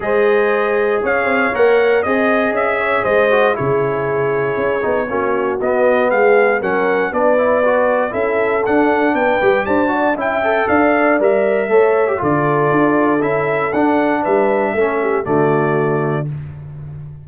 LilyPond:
<<
  \new Staff \with { instrumentName = "trumpet" } { \time 4/4 \tempo 4 = 118 dis''2 f''4 fis''4 | dis''4 e''4 dis''4 cis''4~ | cis''2. dis''4 | f''4 fis''4 d''2 |
e''4 fis''4 g''4 a''4 | g''4 f''4 e''2 | d''2 e''4 fis''4 | e''2 d''2 | }
  \new Staff \with { instrumentName = "horn" } { \time 4/4 c''2 cis''2 | dis''4. cis''8 c''4 gis'4~ | gis'2 fis'2 | gis'4 ais'4 b'2 |
a'2 b'4 c''8 d''8 | e''4 d''2 cis''4 | a'1 | b'4 a'8 g'8 fis'2 | }
  \new Staff \with { instrumentName = "trombone" } { \time 4/4 gis'2. ais'4 | gis'2~ gis'8 fis'8 e'4~ | e'4. dis'8 cis'4 b4~ | b4 cis'4 d'8 e'8 fis'4 |
e'4 d'4. g'4 fis'8 | e'8 a'4. ais'4 a'8. g'16 | f'2 e'4 d'4~ | d'4 cis'4 a2 | }
  \new Staff \with { instrumentName = "tuba" } { \time 4/4 gis2 cis'8 c'8 ais4 | c'4 cis'4 gis4 cis4~ | cis4 cis'8 b8 ais4 b4 | gis4 fis4 b2 |
cis'4 d'4 b8 g8 d'4 | cis'4 d'4 g4 a4 | d4 d'4 cis'4 d'4 | g4 a4 d2 | }
>>